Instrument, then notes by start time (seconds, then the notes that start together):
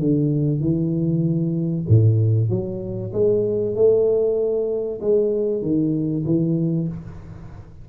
tuba
0.00 D3
0.61 E3
1.89 A2
2.50 F#3
3.13 G#3
3.76 A3
5.01 G#3
5.62 D#3
6.26 E3